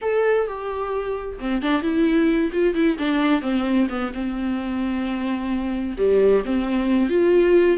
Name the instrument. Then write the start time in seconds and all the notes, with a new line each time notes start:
viola
0.01 A4
0.47 G4
1.39 C4
1.62 D4
1.82 E4
2.52 F4
2.74 E4
2.98 D4
3.41 C4
3.89 B3
4.13 C4
5.97 G3
6.45 C4
7.09 F4